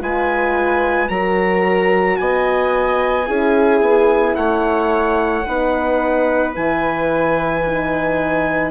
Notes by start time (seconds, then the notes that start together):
0.00 G#3 F4 B4 G#5
1.09 F#3 F#4 A#4 A#5
2.17 B3 D#5 G#5
3.26 C#4 E4 G#4
3.81 B3
4.36 A3 C#5 F#5
5.46 B3 D#4 B4
6.54 E3 E4 G#5
7.67 D#4